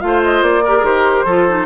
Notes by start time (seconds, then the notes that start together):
0.00 A3 F4 F5
0.07 C5
0.24 D#5
0.42 A#3 D5
0.64 G4 A#4
0.78 D#3 G#4
0.85 G4 C5
1.25 F3 F4 A4
1.49 D#4